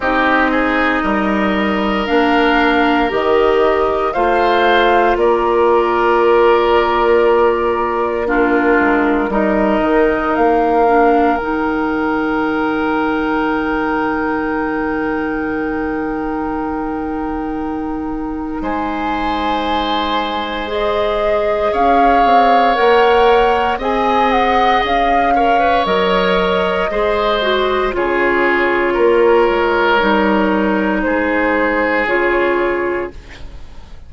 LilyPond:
<<
  \new Staff \with { instrumentName = "flute" } { \time 4/4 \tempo 4 = 58 dis''2 f''4 dis''4 | f''4 d''2. | ais'4 dis''4 f''4 g''4~ | g''1~ |
g''2 gis''2 | dis''4 f''4 fis''4 gis''8 fis''8 | f''4 dis''2 cis''4~ | cis''2 c''4 cis''4 | }
  \new Staff \with { instrumentName = "oboe" } { \time 4/4 g'8 gis'8 ais'2. | c''4 ais'2. | f'4 ais'2.~ | ais'1~ |
ais'2 c''2~ | c''4 cis''2 dis''4~ | dis''8 cis''4. c''4 gis'4 | ais'2 gis'2 | }
  \new Staff \with { instrumentName = "clarinet" } { \time 4/4 dis'2 d'4 g'4 | f'1 | d'4 dis'4. d'8 dis'4~ | dis'1~ |
dis'1 | gis'2 ais'4 gis'4~ | gis'8 ais'16 b'16 ais'4 gis'8 fis'8 f'4~ | f'4 dis'2 f'4 | }
  \new Staff \with { instrumentName = "bassoon" } { \time 4/4 c'4 g4 ais4 dis4 | a4 ais2.~ | ais8 gis8 g8 dis8 ais4 dis4~ | dis1~ |
dis2 gis2~ | gis4 cis'8 c'8 ais4 c'4 | cis'4 fis4 gis4 cis4 | ais8 gis8 g4 gis4 cis4 | }
>>